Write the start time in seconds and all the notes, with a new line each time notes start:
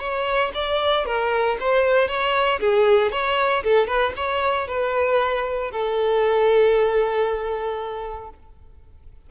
0.00 C#5
0.55 D5
1.06 A#4
1.60 C5
2.08 C#5
2.60 G#4
3.12 C#5
3.64 A4
3.87 B4
4.17 C#5
4.68 B4
5.72 A4